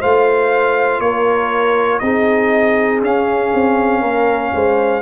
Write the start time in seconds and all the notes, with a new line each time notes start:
0.00 A3 F4 C5 F5
0.99 A#3 A#4 C#5
1.99 C4 D#4 G#4 D#5
3.02 C#4 F5
3.54 C4
4.01 A#3 A#4
4.54 G#3 C5